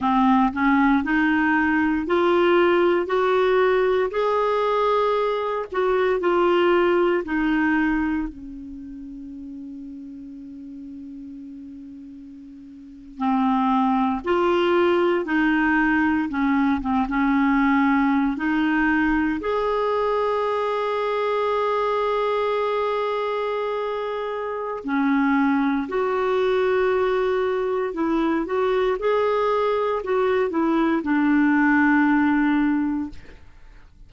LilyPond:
\new Staff \with { instrumentName = "clarinet" } { \time 4/4 \tempo 4 = 58 c'8 cis'8 dis'4 f'4 fis'4 | gis'4. fis'8 f'4 dis'4 | cis'1~ | cis'8. c'4 f'4 dis'4 cis'16~ |
cis'16 c'16 cis'4~ cis'16 dis'4 gis'4~ gis'16~ | gis'1 | cis'4 fis'2 e'8 fis'8 | gis'4 fis'8 e'8 d'2 | }